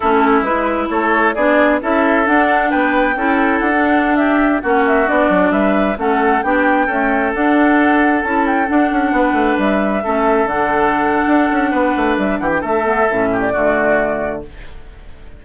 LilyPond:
<<
  \new Staff \with { instrumentName = "flute" } { \time 4/4 \tempo 4 = 133 a'4 b'4 cis''4 d''4 | e''4 fis''4 g''2 | fis''4~ fis''16 e''4 fis''8 e''8 d''8.~ | d''16 e''4 fis''4 g''4.~ g''16~ |
g''16 fis''2 a''8 g''8 fis''8.~ | fis''4~ fis''16 e''2 fis''8.~ | fis''2. e''8 fis''16 g''16 | e''4.~ e''16 d''2~ d''16 | }
  \new Staff \with { instrumentName = "oboe" } { \time 4/4 e'2 a'4 gis'4 | a'2 b'4 a'4~ | a'4~ a'16 g'4 fis'4.~ fis'16~ | fis'16 b'4 a'4 g'4 a'8.~ |
a'1~ | a'16 b'2 a'4.~ a'16~ | a'2 b'4. g'8 | a'4. g'8 fis'2 | }
  \new Staff \with { instrumentName = "clarinet" } { \time 4/4 cis'4 e'2 d'4 | e'4 d'2 e'4~ | e'16 d'2 cis'4 d'8.~ | d'4~ d'16 cis'4 d'4 a8.~ |
a16 d'2 e'4 d'8.~ | d'2~ d'16 cis'4 d'8.~ | d'1~ | d'8 b8 cis'4 a2 | }
  \new Staff \with { instrumentName = "bassoon" } { \time 4/4 a4 gis4 a4 b4 | cis'4 d'4 b4 cis'4 | d'2~ d'16 ais4 b8 fis16~ | fis16 g4 a4 b4 cis'8.~ |
cis'16 d'2 cis'4 d'8 cis'16~ | cis'16 b8 a8 g4 a4 d8.~ | d4 d'8 cis'8 b8 a8 g8 e8 | a4 a,4 d2 | }
>>